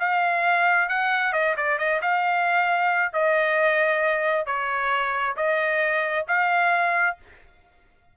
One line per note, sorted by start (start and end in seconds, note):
0.00 0.89 F5
0.89 1.33 F#5
1.33 1.55 D#5
1.57 1.79 D5
1.79 2.01 D#5
2.02 3.13 F5
3.13 4.46 D#5
4.46 5.36 C#5
5.37 6.26 D#5
6.28 7.17 F5